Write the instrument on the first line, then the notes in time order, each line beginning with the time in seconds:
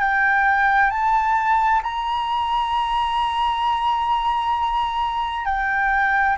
flute
0.00 G5
0.90 A5
1.83 A#5
5.45 G5